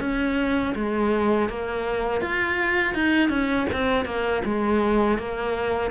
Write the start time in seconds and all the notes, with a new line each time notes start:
0.00 C#4
0.75 G#3
1.49 A#3
2.21 F4
2.94 D#4
3.29 C#4
3.73 C4
4.05 A#3
4.45 G#3
5.18 A#3